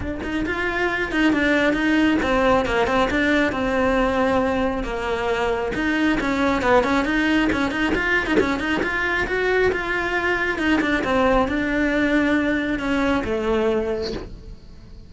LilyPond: \new Staff \with { instrumentName = "cello" } { \time 4/4 \tempo 4 = 136 d'8 dis'8 f'4. dis'8 d'4 | dis'4 c'4 ais8 c'8 d'4 | c'2. ais4~ | ais4 dis'4 cis'4 b8 cis'8 |
dis'4 cis'8 dis'8 f'8. dis'16 cis'8 dis'8 | f'4 fis'4 f'2 | dis'8 d'8 c'4 d'2~ | d'4 cis'4 a2 | }